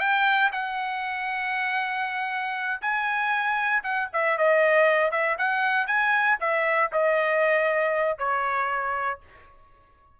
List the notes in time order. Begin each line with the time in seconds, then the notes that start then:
0.00 G5
0.52 F#5
2.82 G#5
3.84 F#5
4.13 E5
4.38 D#5
5.12 E5
5.38 F#5
5.87 G#5
6.40 E5
6.92 D#5
8.18 C#5